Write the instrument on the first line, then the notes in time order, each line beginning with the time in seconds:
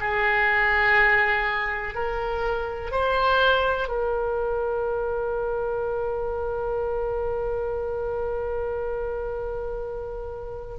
oboe
0.00 G#4
1.94 A#4
2.92 C5
3.89 A#4